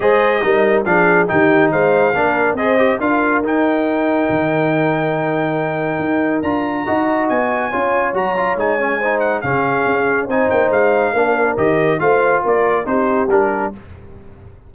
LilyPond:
<<
  \new Staff \with { instrumentName = "trumpet" } { \time 4/4 \tempo 4 = 140 dis''2 f''4 g''4 | f''2 dis''4 f''4 | g''1~ | g''2. ais''4~ |
ais''4 gis''2 ais''4 | gis''4. fis''8 f''2 | gis''8 g''8 f''2 dis''4 | f''4 d''4 c''4 ais'4 | }
  \new Staff \with { instrumentName = "horn" } { \time 4/4 c''4 ais'4 gis'4 g'4 | c''4 ais'4 c''4 ais'4~ | ais'1~ | ais'1 |
dis''2 cis''2~ | cis''4 c''4 gis'2 | c''2 ais'2 | c''4 ais'4 g'2 | }
  \new Staff \with { instrumentName = "trombone" } { \time 4/4 gis'4 dis'4 d'4 dis'4~ | dis'4 d'4 gis'8 g'8 f'4 | dis'1~ | dis'2. f'4 |
fis'2 f'4 fis'8 f'8 | dis'8 cis'8 dis'4 cis'2 | dis'2 d'4 g'4 | f'2 dis'4 d'4 | }
  \new Staff \with { instrumentName = "tuba" } { \time 4/4 gis4 g4 f4 dis4 | gis4 ais4 c'4 d'4 | dis'2 dis2~ | dis2 dis'4 d'4 |
dis'4 b4 cis'4 fis4 | gis2 cis4 cis'4 | c'8 ais8 gis4 ais4 dis4 | a4 ais4 c'4 g4 | }
>>